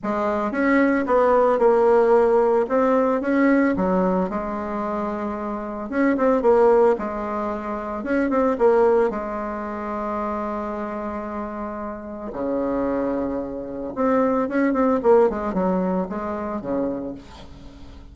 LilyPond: \new Staff \with { instrumentName = "bassoon" } { \time 4/4 \tempo 4 = 112 gis4 cis'4 b4 ais4~ | ais4 c'4 cis'4 fis4 | gis2. cis'8 c'8 | ais4 gis2 cis'8 c'8 |
ais4 gis2.~ | gis2. cis4~ | cis2 c'4 cis'8 c'8 | ais8 gis8 fis4 gis4 cis4 | }